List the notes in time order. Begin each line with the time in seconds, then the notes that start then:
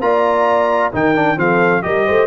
0.00 A#3 F4 D5 A#5
0.92 D#3 D#4 A#4 G5
1.15 D4
1.36 F3 C4 A4 F5
1.82 G3 G4 A#4 D#5
2.05 A3 C5